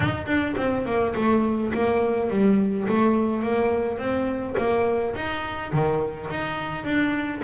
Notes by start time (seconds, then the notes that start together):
0.00 D#4
0.26 D4
0.57 C4
0.85 A#3
1.15 A3
1.73 A#3
2.30 G3
2.88 A3
3.43 A#3
3.98 C4
4.57 A#3
5.15 D#4
5.72 D#3
6.30 D#4
6.84 D4